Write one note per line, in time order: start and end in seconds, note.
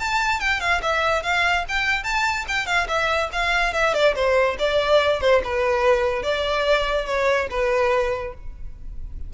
0.00 0.40 A5
0.40 0.61 G5
0.61 0.81 F5
0.82 1.23 E5
1.23 1.65 F5
1.69 2.04 G5
2.04 2.46 A5
2.48 2.66 G5
2.66 2.87 F5
2.88 3.30 E5
3.33 3.74 F5
3.74 3.94 E5
3.94 4.15 D5
4.16 4.57 C5
4.59 5.21 D5
5.21 5.42 C5
5.44 6.23 B4
6.23 7.06 D5
7.06 7.48 C#5
7.51 8.34 B4